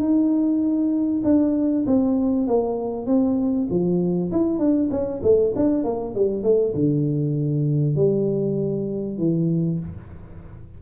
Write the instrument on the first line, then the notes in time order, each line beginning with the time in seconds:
tuba
0.00 D#4
1.24 D4
1.87 C4
2.47 A#3
3.07 C4
3.71 F3
4.32 E4
4.59 D4
4.91 C#4
5.23 A3
5.56 D4
5.85 A#3
6.15 G3
6.44 A3
6.75 D3
7.96 G3
9.19 E3